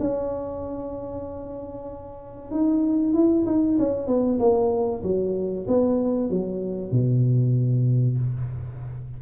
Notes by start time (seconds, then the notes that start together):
0.00 C#4
2.51 D#4
3.13 E4
3.46 D#4
3.79 C#4
4.07 B3
4.39 A#3
5.03 F#3
5.68 B3
6.30 F#3
6.91 B2